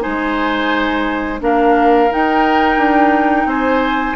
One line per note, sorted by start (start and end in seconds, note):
0.00 1.41 G#3
0.00 1.38 D#4
0.00 1.40 C5
0.00 1.39 G#5
1.40 2.09 A#3
1.40 2.08 D4
1.40 3.47 A#4
1.40 2.11 F5
2.10 4.15 D#4
2.10 2.77 D#4
2.10 3.49 G5
2.77 3.45 D4
3.45 4.14 C4
3.45 4.15 C5
3.45 4.15 G#5